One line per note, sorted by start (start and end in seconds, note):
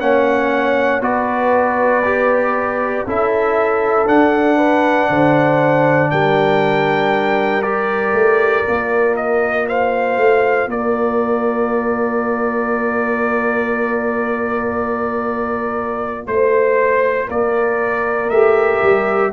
0.00 1.00 A#3
0.00 1.01 C#4
0.00 1.04 C#5
0.00 1.02 F#5
1.00 3.04 B3
1.00 2.03 F#4
1.00 3.07 B4
1.00 3.07 D5
2.05 3.06 G4
3.06 4.08 C#4
3.06 4.06 E4
3.06 4.57 A4
3.06 4.08 E5
4.06 7.62 D4
4.06 5.09 D4
4.06 6.11 F#5
4.57 5.08 B4
5.09 6.11 D3
5.09 6.11 C5
6.11 8.12 G3
6.11 9.68 A#4
6.11 7.62 G5
7.62 8.65 G4
7.62 9.15 D5
8.12 8.63 A3
8.65 10.17 A#3
8.65 18.31 F4
9.16 9.67 D#5
9.68 10.69 C5
9.68 10.70 F5
10.17 10.67 A3
10.67 16.26 A#3
10.67 16.29 A#4
10.67 16.27 D5
16.26 17.28 A3
16.26 17.29 C5
16.26 17.27 C5
17.27 18.30 A#3
17.27 19.31 A#4
17.27 18.30 D5
18.30 18.81 A3
18.30 19.33 G4
18.30 19.32 E5
18.82 19.33 G3